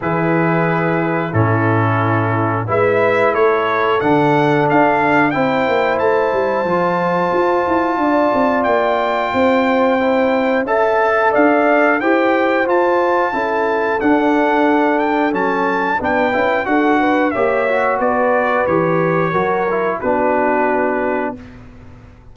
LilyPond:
<<
  \new Staff \with { instrumentName = "trumpet" } { \time 4/4 \tempo 4 = 90 b'2 a'2 | e''4 cis''4 fis''4 f''4 | g''4 a''2.~ | a''4 g''2. |
a''4 f''4 g''4 a''4~ | a''4 fis''4. g''8 a''4 | g''4 fis''4 e''4 d''4 | cis''2 b'2 | }
  \new Staff \with { instrumentName = "horn" } { \time 4/4 gis'2 e'2 | b'4 a'2. | c''1 | d''2 c''2 |
e''4 d''4 c''2 | a'1 | b'4 a'8 b'8 cis''4 b'4~ | b'4 ais'4 fis'2 | }
  \new Staff \with { instrumentName = "trombone" } { \time 4/4 e'2 cis'2 | e'2 d'2 | e'2 f'2~ | f'2. e'4 |
a'2 g'4 f'4 | e'4 d'2 cis'4 | d'8 e'8 fis'4 g'8 fis'4. | g'4 fis'8 e'8 d'2 | }
  \new Staff \with { instrumentName = "tuba" } { \time 4/4 e2 a,2 | gis4 a4 d4 d'4 | c'8 ais8 a8 g8 f4 f'8 e'8 | d'8 c'8 ais4 c'2 |
cis'4 d'4 e'4 f'4 | cis'4 d'2 fis4 | b8 cis'8 d'4 ais4 b4 | e4 fis4 b2 | }
>>